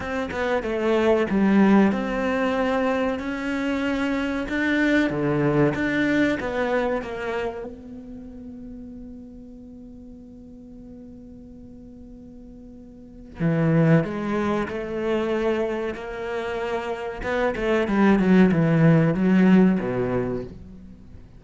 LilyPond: \new Staff \with { instrumentName = "cello" } { \time 4/4 \tempo 4 = 94 c'8 b8 a4 g4 c'4~ | c'4 cis'2 d'4 | d4 d'4 b4 ais4 | b1~ |
b1~ | b4 e4 gis4 a4~ | a4 ais2 b8 a8 | g8 fis8 e4 fis4 b,4 | }